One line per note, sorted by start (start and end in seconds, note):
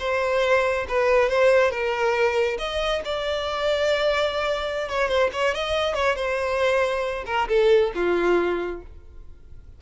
0.00 0.87 C5
0.89 1.30 B4
1.30 1.71 C5
1.71 2.58 A#4
2.59 3.03 D#5
3.05 4.89 D5
4.89 5.09 C#5
5.09 5.31 C5
5.33 5.55 C#5
5.55 5.95 D#5
5.95 6.16 C#5
6.16 7.25 C5
7.27 7.48 A#4
7.49 7.92 A4
7.95 8.82 F4